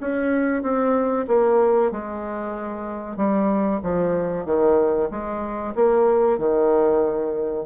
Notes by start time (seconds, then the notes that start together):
0.00 C#4
0.62 C4
1.27 A#3
1.91 G#3
3.17 G3
3.82 F3
4.45 D#3
5.10 G#3
5.75 A#3
6.38 D#3